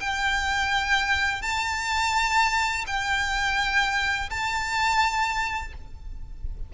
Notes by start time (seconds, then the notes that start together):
0.00 G5
1.42 A5
2.87 G5
4.30 A5